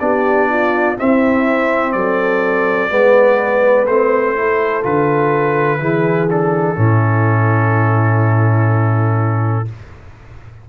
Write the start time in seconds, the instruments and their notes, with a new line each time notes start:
0.00 tuba B3, trombone D4, horn G4, trumpet D5
0.49 horn F4
0.97 trombone C4, tuba C4, horn E4, trumpet E5
1.93 tuba F#3, horn A4, trumpet D5
2.90 tuba G#3, trombone B3, horn B4
3.87 tuba A3, trombone C4, trumpet C5
4.36 trombone E4, horn A4
4.83 tuba D3, trombone F4, trumpet B4
5.80 tuba E3, trombone E4, horn G#4
6.29 trombone D4, trumpet A4
6.75 tuba A2, trombone C#4, horn E4